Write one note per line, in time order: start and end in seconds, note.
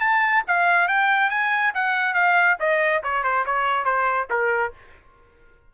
0.00 0.43 A5
0.47 0.88 F5
0.88 1.30 G5
1.30 1.73 G#5
1.74 2.14 F#5
2.14 2.57 F5
2.59 3.02 D#5
3.03 3.23 C#5
3.23 3.45 C5
3.45 3.85 C#5
3.85 4.28 C5
4.30 4.73 A#4